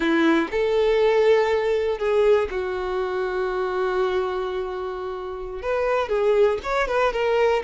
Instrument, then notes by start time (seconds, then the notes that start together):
violin
0.00 E4
0.51 A4
1.98 G#4
2.50 F#4
5.62 B4
6.09 G#4
6.63 C#5
6.88 B4
7.12 A#4